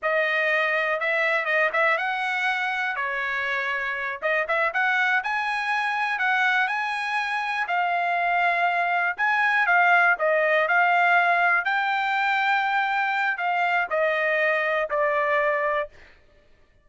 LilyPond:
\new Staff \with { instrumentName = "trumpet" } { \time 4/4 \tempo 4 = 121 dis''2 e''4 dis''8 e''8 | fis''2 cis''2~ | cis''8 dis''8 e''8 fis''4 gis''4.~ | gis''8 fis''4 gis''2 f''8~ |
f''2~ f''8 gis''4 f''8~ | f''8 dis''4 f''2 g''8~ | g''2. f''4 | dis''2 d''2 | }